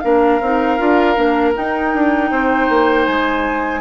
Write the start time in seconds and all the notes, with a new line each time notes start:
0.00 A#3 D4 A#4 F5
0.41 C4 D#4
0.78 D4 F4
1.16 A#3 D4
1.56 D#4 G5
1.94 D4
2.31 C4 C5
2.69 A#3
3.06 G#3 G#5